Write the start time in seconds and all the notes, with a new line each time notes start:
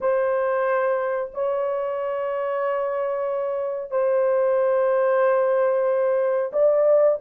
0.00 C5
1.33 C#5
3.90 C5
6.52 D5